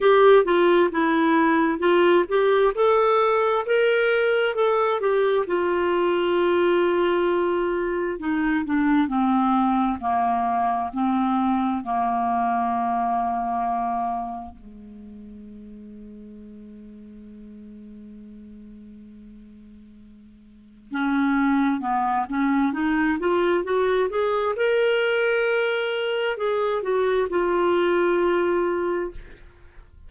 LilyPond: \new Staff \with { instrumentName = "clarinet" } { \time 4/4 \tempo 4 = 66 g'8 f'8 e'4 f'8 g'8 a'4 | ais'4 a'8 g'8 f'2~ | f'4 dis'8 d'8 c'4 ais4 | c'4 ais2. |
gis1~ | gis2. cis'4 | b8 cis'8 dis'8 f'8 fis'8 gis'8 ais'4~ | ais'4 gis'8 fis'8 f'2 | }